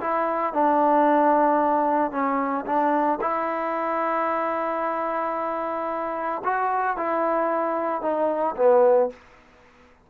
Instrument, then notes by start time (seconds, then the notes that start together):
trombone
0.00 E4
0.53 D4
2.11 C#4
2.65 D4
3.20 E4
6.44 F#4
6.96 E4
8.01 D#4
8.56 B3